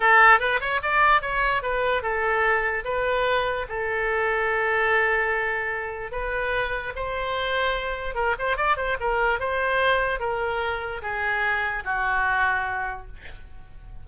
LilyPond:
\new Staff \with { instrumentName = "oboe" } { \time 4/4 \tempo 4 = 147 a'4 b'8 cis''8 d''4 cis''4 | b'4 a'2 b'4~ | b'4 a'2.~ | a'2. b'4~ |
b'4 c''2. | ais'8 c''8 d''8 c''8 ais'4 c''4~ | c''4 ais'2 gis'4~ | gis'4 fis'2. | }